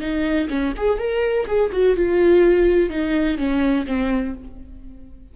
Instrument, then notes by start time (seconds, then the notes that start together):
viola
0.00 D#4
0.49 C#4
0.76 G#4
0.98 A#4
1.46 G#4
1.72 F#4
1.96 F4
2.89 D#4
3.37 C#4
3.86 C4